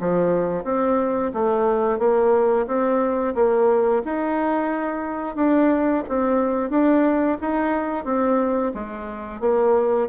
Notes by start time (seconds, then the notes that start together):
0.00 F3
0.64 C4
1.34 A3
1.99 A#3
2.67 C4
3.35 A#3
4.04 D#4
5.36 D4
6.08 C4
6.70 D4
7.41 D#4
8.05 C4
8.74 G#3
9.40 A#3